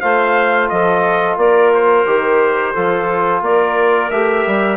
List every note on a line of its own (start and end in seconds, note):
0.00 0.71 A3
0.00 2.06 F4
0.00 0.68 C5
0.00 0.68 F5
0.69 1.37 F3
0.69 1.38 A4
0.69 1.37 D#5
1.37 2.05 A#3
1.37 2.73 A#4
1.37 1.72 D5
1.74 3.44 C5
2.05 2.74 D#3
2.05 2.74 G4
2.73 3.41 F3
2.73 4.11 F4
2.73 3.41 A4
3.41 4.10 A#3
3.41 4.76 A#4
3.41 4.10 D5
4.10 4.45 A3
4.10 4.76 G4
4.10 4.76 E5
4.46 4.76 G3